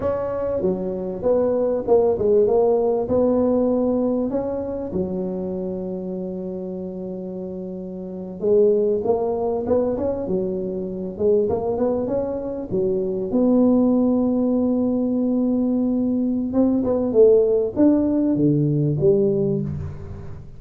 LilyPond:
\new Staff \with { instrumentName = "tuba" } { \time 4/4 \tempo 4 = 98 cis'4 fis4 b4 ais8 gis8 | ais4 b2 cis'4 | fis1~ | fis4.~ fis16 gis4 ais4 b16~ |
b16 cis'8 fis4. gis8 ais8 b8 cis'16~ | cis'8. fis4 b2~ b16~ | b2. c'8 b8 | a4 d'4 d4 g4 | }